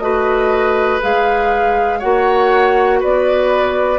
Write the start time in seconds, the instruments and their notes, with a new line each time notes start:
0.00 bassoon A3, clarinet F#4, oboe B4, flute D#5
1.01 bassoon G#3, clarinet G#4, flute F5
2.00 bassoon A#3, clarinet F#4, oboe C#5, flute F#5
3.00 bassoon B3, oboe B4, flute D5